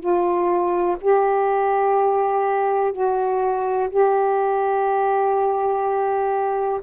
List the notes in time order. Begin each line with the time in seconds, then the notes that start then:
0.00 F4
1.01 G4
2.93 F#4
3.90 G4